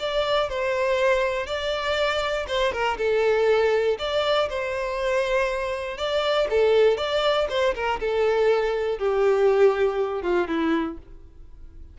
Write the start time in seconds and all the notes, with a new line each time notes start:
0.00 D5
0.49 C5
1.47 D5
2.48 C5
2.73 A#4
2.98 A4
3.99 D5
4.49 C5
5.98 D5
6.50 A4
6.97 D5
7.50 C5
7.75 A#4
8.00 A4
8.99 G4
10.23 F4
10.48 E4